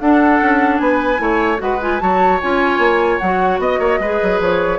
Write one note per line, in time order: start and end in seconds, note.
0.00 0.41 D4
0.00 1.18 D4
0.00 0.82 A4
0.00 0.78 F#5
0.42 0.80 C#4
0.78 1.20 B3
0.78 1.22 B4
0.78 1.58 G#5
1.18 1.60 A3
1.18 1.58 E4
1.18 1.62 C#5
1.58 2.01 G#3
1.58 1.78 F#4
1.58 2.03 B4
1.58 1.81 F#5
1.81 2.00 F4
1.81 2.00 G#5
2.00 2.42 F#3
2.00 2.40 F#4
2.00 3.61 C#5
2.00 2.40 A5
2.41 2.79 C#4
2.41 3.22 F4
2.41 3.19 G#5
2.79 3.19 A#3
3.19 3.59 F#3
3.19 4.02 F#4
3.19 3.59 F#5
3.59 3.79 B3
3.59 4.41 D#5
3.59 3.79 D#5
3.79 3.99 A#3
3.79 3.99 C#5
3.99 4.19 G#3
3.99 4.79 G#4
3.99 4.79 B4
4.23 4.40 F#3
4.40 4.79 F3
4.40 4.79 C#5